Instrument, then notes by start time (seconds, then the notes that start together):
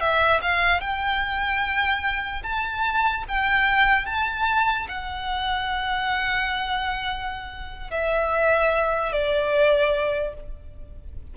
violin
0.00 E5
0.42 F5
0.80 G5
2.43 A5
3.28 G5
4.06 A5
4.88 F#5
7.90 E5
9.12 D5